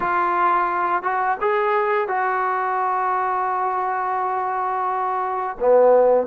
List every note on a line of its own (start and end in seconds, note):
0.00 1.02 F4
1.02 1.37 F#4
1.40 2.07 G#4
2.07 5.56 F#4
5.59 6.27 B3